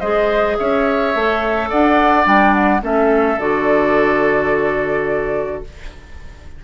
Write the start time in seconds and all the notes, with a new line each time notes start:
0.00 G#3 G#4 C5 D#5
0.57 C#4 C#5 E5
1.15 A3 A4
1.69 D4 D5 F#5
2.24 G3 D4 G5
2.54 F#5
2.82 A3 C#4 A4 E5
3.39 D3 F#4 D5